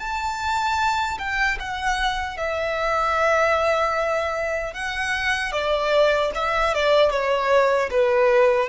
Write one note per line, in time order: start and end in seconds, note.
0.00 1.18 A5
1.19 1.58 G5
1.60 2.38 F#5
2.38 4.74 E5
4.74 5.53 F#5
5.53 6.32 D5
6.36 6.74 E5
6.74 7.11 D5
7.11 7.90 C#5
7.91 8.69 B4